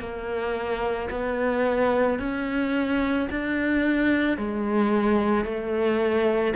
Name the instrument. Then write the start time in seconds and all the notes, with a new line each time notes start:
cello
0.00 A#3
1.11 B3
2.20 C#4
3.30 D4
4.38 G#3
5.45 A3